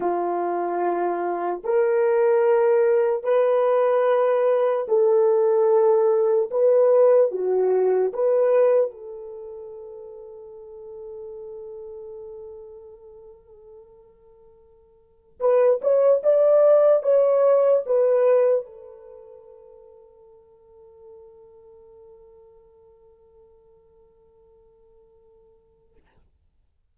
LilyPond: \new Staff \with { instrumentName = "horn" } { \time 4/4 \tempo 4 = 74 f'2 ais'2 | b'2 a'2 | b'4 fis'4 b'4 a'4~ | a'1~ |
a'2. b'8 cis''8 | d''4 cis''4 b'4 a'4~ | a'1~ | a'1 | }